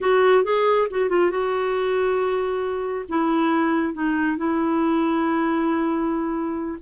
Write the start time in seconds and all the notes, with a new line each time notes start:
0.00 F#4
0.44 G#4
0.90 F#4
1.09 F4
1.30 F#4
3.08 E4
3.93 D#4
4.37 E4